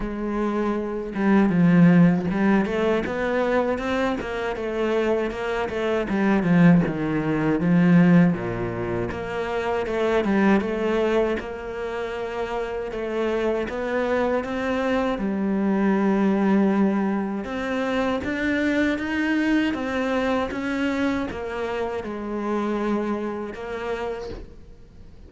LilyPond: \new Staff \with { instrumentName = "cello" } { \time 4/4 \tempo 4 = 79 gis4. g8 f4 g8 a8 | b4 c'8 ais8 a4 ais8 a8 | g8 f8 dis4 f4 ais,4 | ais4 a8 g8 a4 ais4~ |
ais4 a4 b4 c'4 | g2. c'4 | d'4 dis'4 c'4 cis'4 | ais4 gis2 ais4 | }